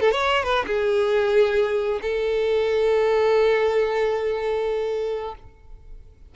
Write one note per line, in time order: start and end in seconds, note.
0.00 0.11 A4
0.11 0.43 C#5
0.43 0.65 B4
0.66 2.00 G#4
2.01 5.35 A4